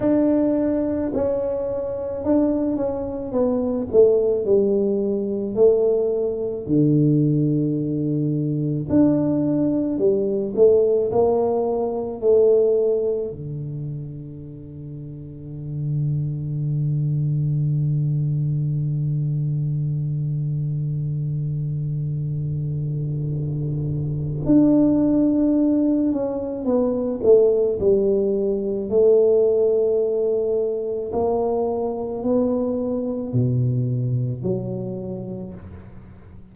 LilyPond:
\new Staff \with { instrumentName = "tuba" } { \time 4/4 \tempo 4 = 54 d'4 cis'4 d'8 cis'8 b8 a8 | g4 a4 d2 | d'4 g8 a8 ais4 a4 | d1~ |
d1~ | d2 d'4. cis'8 | b8 a8 g4 a2 | ais4 b4 b,4 fis4 | }